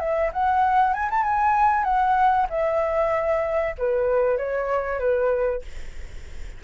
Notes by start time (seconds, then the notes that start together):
0.00 E5
0.33 F#5
0.94 G#5
1.11 A5
1.24 G#5
1.85 F#5
2.50 E5
3.78 B4
4.38 C#5
5.00 B4